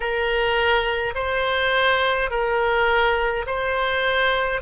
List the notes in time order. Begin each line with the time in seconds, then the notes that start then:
0.00 A#4
1.14 C5
2.30 A#4
3.46 C5